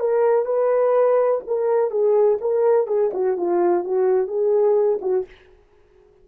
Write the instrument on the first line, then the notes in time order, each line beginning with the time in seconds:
horn
0.00 A#4
0.46 B4
1.47 A#4
1.91 G#4
2.41 A#4
2.87 G#4
3.13 F#4
3.37 F4
3.84 F#4
4.27 G#4
5.02 F#4